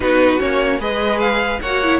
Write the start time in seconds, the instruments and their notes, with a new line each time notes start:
0.00 cello B3, viola D#4, violin F#4 B4
0.39 cello A#3, viola C#4, violin C#5
0.79 cello G#3, viola G#4, violin B4 D#5
1.20 violin F5
1.61 cello A#3, viola F#4, violin C#5 F#5
1.83 viola E4